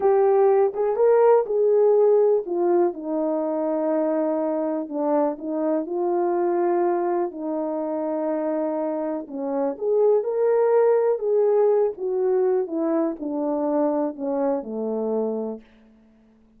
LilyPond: \new Staff \with { instrumentName = "horn" } { \time 4/4 \tempo 4 = 123 g'4. gis'8 ais'4 gis'4~ | gis'4 f'4 dis'2~ | dis'2 d'4 dis'4 | f'2. dis'4~ |
dis'2. cis'4 | gis'4 ais'2 gis'4~ | gis'8 fis'4. e'4 d'4~ | d'4 cis'4 a2 | }